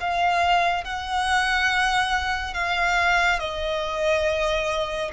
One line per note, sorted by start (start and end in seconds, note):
0.00 0.84 F5
0.84 2.54 F#5
2.54 3.39 F5
3.39 5.11 D#5